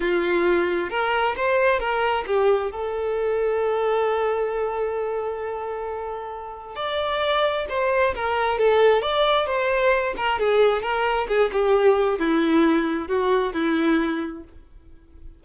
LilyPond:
\new Staff \with { instrumentName = "violin" } { \time 4/4 \tempo 4 = 133 f'2 ais'4 c''4 | ais'4 g'4 a'2~ | a'1~ | a'2. d''4~ |
d''4 c''4 ais'4 a'4 | d''4 c''4. ais'8 gis'4 | ais'4 gis'8 g'4. e'4~ | e'4 fis'4 e'2 | }